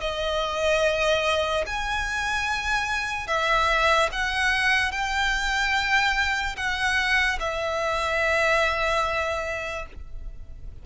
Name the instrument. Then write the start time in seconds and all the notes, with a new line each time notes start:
violin
0.00 D#5
1.66 G#5
3.27 E5
4.12 F#5
4.91 G5
6.56 F#5
7.39 E5